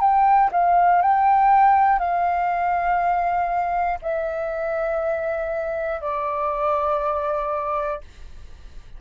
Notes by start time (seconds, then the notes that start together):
0.00 G5
0.51 F5
1.02 G5
1.99 F5
4.02 E5
6.01 D5